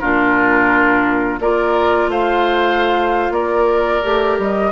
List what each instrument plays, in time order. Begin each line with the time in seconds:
0.00 bassoon A#2, clarinet D4, oboe F4, flute A#4
1.40 bassoon A#3, clarinet F4, oboe A#4, flute D5
2.08 bassoon A3, oboe C5, flute F5
3.31 bassoon A#3, oboe A#4, flute D5
4.03 bassoon A3, clarinet G4
4.39 bassoon G3, flute D#5